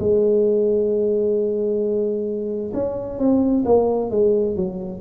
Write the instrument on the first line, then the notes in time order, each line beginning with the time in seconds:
tuba
0.00 G#3
2.74 C#4
3.19 C4
3.65 A#3
4.11 G#3
4.56 F#3